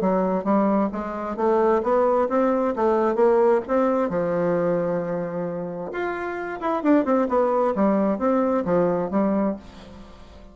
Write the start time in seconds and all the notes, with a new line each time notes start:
0.00 F#3
0.44 G3
0.92 G#3
1.36 A3
1.83 B3
2.29 C4
2.76 A3
3.15 A#3
3.68 C4
4.09 F3
5.92 F4
6.60 E4
6.83 D4
7.05 C4
7.28 B3
7.75 G3
8.18 C4
8.65 F3
9.10 G3